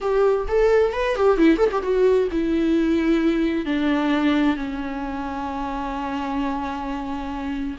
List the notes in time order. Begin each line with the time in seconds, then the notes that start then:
0.00 G4
0.48 A4
0.92 B4
1.15 G4
1.37 E4
1.57 A4
1.71 G4
1.82 F#4
2.31 E4
3.65 D4
4.56 C#4